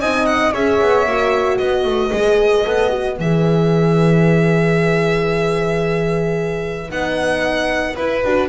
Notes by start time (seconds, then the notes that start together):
0.00 C4 D#4 D#5 G#5
0.26 F#5
0.53 C#4 G#4 C#5 E5
0.81 B3
1.06 A#3 F#4
1.57 B3 B4 D#5
1.85 A3
2.12 G#3 G#4
2.65 B3 A4
2.89 F#4
3.19 E3 G#4 E5
6.89 B3 D#4 F#5
7.95 E4 B4
8.24 D4 F#4